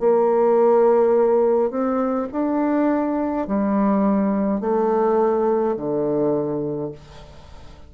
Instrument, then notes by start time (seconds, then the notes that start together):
bassoon
0.00 A#3
1.70 C4
2.32 D4
3.47 G3
4.60 A3
5.76 D3